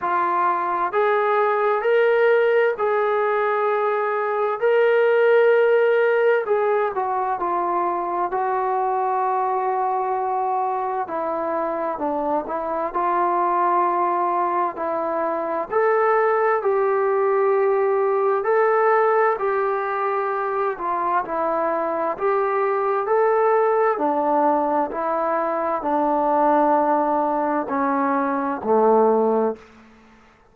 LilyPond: \new Staff \with { instrumentName = "trombone" } { \time 4/4 \tempo 4 = 65 f'4 gis'4 ais'4 gis'4~ | gis'4 ais'2 gis'8 fis'8 | f'4 fis'2. | e'4 d'8 e'8 f'2 |
e'4 a'4 g'2 | a'4 g'4. f'8 e'4 | g'4 a'4 d'4 e'4 | d'2 cis'4 a4 | }